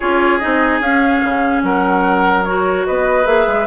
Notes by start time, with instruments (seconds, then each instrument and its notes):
0.00 bassoon C#4, clarinet F4, oboe G#4, flute C#5
0.38 clarinet D#4, flute D#5
0.44 bassoon C4
0.80 bassoon C#4, clarinet C#4, flute F5
1.24 bassoon C#3
1.62 bassoon F#3, oboe A#4, flute F#5
2.44 clarinet F#4, flute C#5
2.85 bassoon B3, oboe B4, flute D#5
3.25 bassoon A#3, clarinet G#4, flute E5
3.47 bassoon G#3